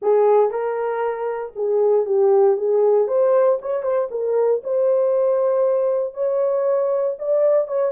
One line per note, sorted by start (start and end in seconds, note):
0.02 0.50 G#4
0.50 1.52 A#4
1.55 2.05 G#4
2.05 2.56 G4
2.56 3.07 G#4
3.07 3.59 C5
3.61 3.83 C#5
3.83 4.08 C5
4.10 4.62 A#4
4.63 6.14 C5
6.14 7.16 C#5
7.18 7.67 D5
7.67 7.91 C#5